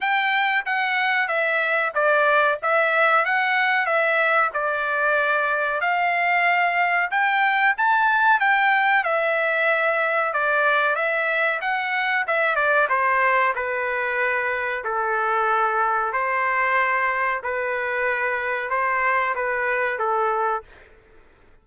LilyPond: \new Staff \with { instrumentName = "trumpet" } { \time 4/4 \tempo 4 = 93 g''4 fis''4 e''4 d''4 | e''4 fis''4 e''4 d''4~ | d''4 f''2 g''4 | a''4 g''4 e''2 |
d''4 e''4 fis''4 e''8 d''8 | c''4 b'2 a'4~ | a'4 c''2 b'4~ | b'4 c''4 b'4 a'4 | }